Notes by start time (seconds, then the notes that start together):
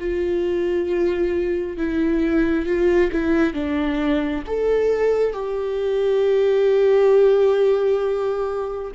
0.00 F4
1.78 E4
2.66 F4
3.13 E4
3.54 D4
4.47 A4
5.34 G4